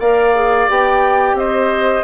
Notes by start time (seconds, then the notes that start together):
0.00 A#3 A#4 D5 F5
0.36 G#4
0.69 B3 G4 G5
1.34 C4 C5 D#5